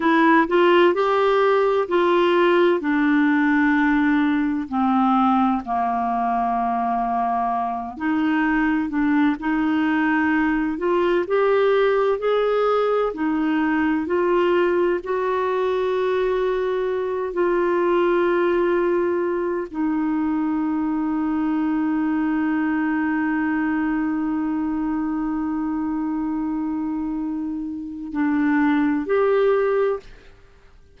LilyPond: \new Staff \with { instrumentName = "clarinet" } { \time 4/4 \tempo 4 = 64 e'8 f'8 g'4 f'4 d'4~ | d'4 c'4 ais2~ | ais8 dis'4 d'8 dis'4. f'8 | g'4 gis'4 dis'4 f'4 |
fis'2~ fis'8 f'4.~ | f'4 dis'2.~ | dis'1~ | dis'2 d'4 g'4 | }